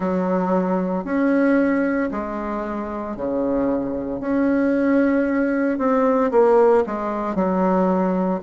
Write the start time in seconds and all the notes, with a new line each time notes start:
0.00 F#3
1.04 C#4
2.11 G#3
3.16 C#3
4.20 C#4
5.78 C4
6.31 A#3
6.86 G#3
7.34 F#3